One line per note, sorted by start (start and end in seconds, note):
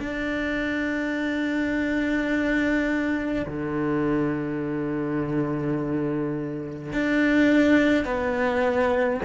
0.00 3.46 D4
3.47 6.93 D3
6.93 8.05 D4
8.05 9.20 B3